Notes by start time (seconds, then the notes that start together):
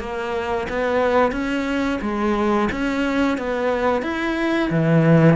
0.00 A#3
0.69 B3
1.32 C#4
2.01 G#3
2.72 C#4
3.38 B3
4.02 E4
4.70 E3